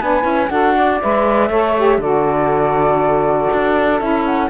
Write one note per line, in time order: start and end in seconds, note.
0.00 0.24 B3
0.00 0.23 D4
0.00 0.50 B4
0.00 0.49 G#5
0.23 0.49 C#4
0.23 0.47 E4
0.49 1.00 D4
0.49 1.00 F#4
0.49 0.75 A4
0.49 0.99 F#5
0.76 1.49 D5
1.01 1.50 G#3
1.01 1.50 B4
1.01 2.01 E5
1.49 1.98 A3
1.49 1.75 A4
1.49 1.99 C#5
1.77 2.02 G4
1.98 3.48 D3
1.98 4.00 F#4
1.98 4.50 A4
1.98 3.99 D5
3.53 4.00 D4
3.99 4.50 C#4
3.99 4.50 E4
3.99 4.24 E5
4.25 4.50 F#5